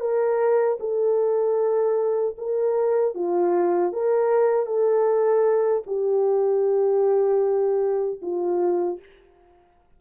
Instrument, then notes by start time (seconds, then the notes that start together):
horn
0.00 A#4
0.80 A4
2.38 A#4
3.15 F4
3.93 A#4
4.66 A4
5.87 G4
8.22 F4